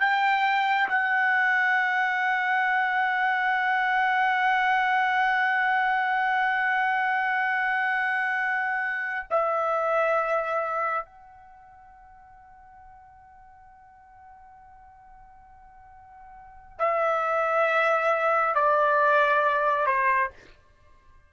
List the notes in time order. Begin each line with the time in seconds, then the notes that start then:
0.00 G5
0.89 F#5
9.30 E5
11.05 F#5
16.78 E5
18.55 D5
19.86 C5